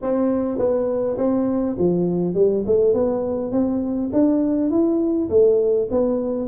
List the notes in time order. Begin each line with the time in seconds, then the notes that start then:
0.02 C4
0.58 B3
1.17 C4
1.78 F3
2.34 G3
2.66 A3
2.93 B3
3.51 C4
4.12 D4
4.70 E4
5.29 A3
5.90 B3